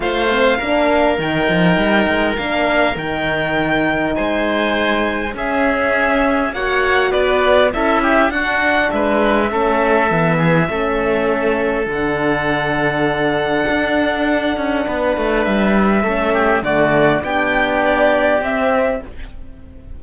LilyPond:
<<
  \new Staff \with { instrumentName = "violin" } { \time 4/4 \tempo 4 = 101 f''2 g''2 | f''4 g''2 gis''4~ | gis''4 e''2 fis''4 | d''4 e''4 fis''4 e''4~ |
e''1 | fis''1~ | fis''2 e''2 | d''4 g''4 d''4 e''4 | }
  \new Staff \with { instrumentName = "oboe" } { \time 4/4 c''4 ais'2.~ | ais'2. c''4~ | c''4 gis'2 cis''4 | b'4 a'8 g'8 fis'4 b'4 |
a'4. gis'8 a'2~ | a'1~ | a'4 b'2 a'8 g'8 | fis'4 g'2. | }
  \new Staff \with { instrumentName = "horn" } { \time 4/4 f'8 c'8 d'4 dis'2 | d'4 dis'2.~ | dis'4 cis'2 fis'4~ | fis'4 e'4 d'2 |
cis'4 b4 cis'2 | d'1~ | d'2. cis'4 | a4 d'2 c'4 | }
  \new Staff \with { instrumentName = "cello" } { \time 4/4 a4 ais4 dis8 f8 g8 gis8 | ais4 dis2 gis4~ | gis4 cis'2 ais4 | b4 cis'4 d'4 gis4 |
a4 e4 a2 | d2. d'4~ | d'8 cis'8 b8 a8 g4 a4 | d4 b2 c'4 | }
>>